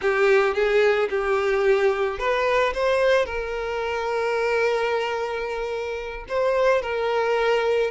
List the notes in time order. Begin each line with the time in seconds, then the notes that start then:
0.01 G4
0.54 G#4
1.09 G4
2.18 B4
2.73 C5
3.25 A#4
6.28 C5
6.82 A#4